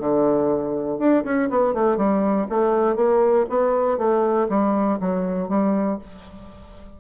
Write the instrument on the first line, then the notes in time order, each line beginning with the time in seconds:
bassoon
0.00 D3
0.99 D4
1.25 C#4
1.50 B3
1.74 A3
1.97 G3
2.50 A3
2.96 A#3
3.50 B3
3.98 A3
4.50 G3
5.01 F#3
5.49 G3